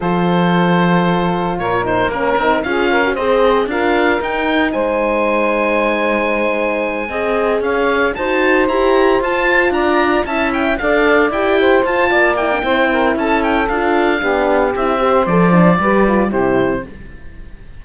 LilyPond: <<
  \new Staff \with { instrumentName = "oboe" } { \time 4/4 \tempo 4 = 114 c''2. cis''8 c''8 | ais'4 f''4 dis''4 f''4 | g''4 gis''2.~ | gis''2~ gis''8 f''4 a''8~ |
a''8 ais''4 a''4 ais''4 a''8 | g''8 f''4 g''4 a''4 g''8~ | g''4 a''8 g''8 f''2 | e''4 d''2 c''4 | }
  \new Staff \with { instrumentName = "saxophone" } { \time 4/4 a'2. ais'4~ | ais'4 gis'8 ais'8 c''4 ais'4~ | ais'4 c''2.~ | c''4. dis''4 cis''4 c''8~ |
c''2~ c''8 d''4 e''8~ | e''8 d''4. c''4 d''4 | c''8 ais'8 a'2 g'4~ | g'8 c''4. b'4 g'4 | }
  \new Staff \with { instrumentName = "horn" } { \time 4/4 f'2.~ f'8 dis'8 | cis'8 dis'8 f'8. fis'16 gis'4 f'4 | dis'1~ | dis'4. gis'2 fis'8~ |
fis'8 g'4 f'2 e'8~ | e'8 a'4 g'4 f'4 e'16 d'16 | e'2 f'4 d'4 | e'8 g'8 a'8 d'8 g'8 f'8 e'4 | }
  \new Staff \with { instrumentName = "cello" } { \time 4/4 f2. ais,4 | ais8 c'8 cis'4 c'4 d'4 | dis'4 gis2.~ | gis4. c'4 cis'4 dis'8~ |
dis'8 e'4 f'4 d'4 cis'8~ | cis'8 d'4 e'4 f'8 ais4 | c'4 cis'4 d'4 b4 | c'4 f4 g4 c4 | }
>>